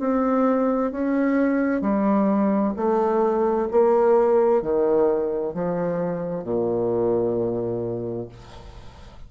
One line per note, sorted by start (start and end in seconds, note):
0.00 0.92 C4
0.92 1.82 C#4
1.82 2.74 G3
2.77 3.69 A3
3.72 4.62 A#3
4.62 5.54 D#3
5.54 6.44 F3
6.44 8.29 A#2